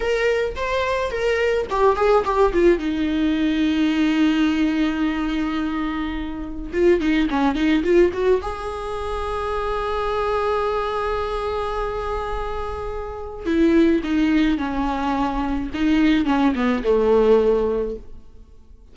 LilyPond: \new Staff \with { instrumentName = "viola" } { \time 4/4 \tempo 4 = 107 ais'4 c''4 ais'4 g'8 gis'8 | g'8 f'8 dis'2.~ | dis'1 | f'8 dis'8 cis'8 dis'8 f'8 fis'8 gis'4~ |
gis'1~ | gis'1 | e'4 dis'4 cis'2 | dis'4 cis'8 b8 a2 | }